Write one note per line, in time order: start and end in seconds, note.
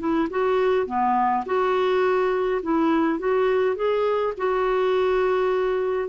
0.00 0.29 E4
0.31 0.87 F#4
0.87 1.45 B3
1.46 2.62 F#4
2.63 3.19 E4
3.19 3.76 F#4
3.76 4.34 G#4
4.38 6.09 F#4